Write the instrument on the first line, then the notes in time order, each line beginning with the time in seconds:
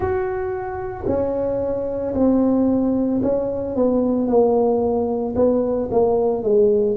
tuba
0.00 F#4
1.07 C#4
2.14 C4
3.22 C#4
3.75 B3
4.27 A#3
5.35 B3
5.91 A#3
6.43 G#3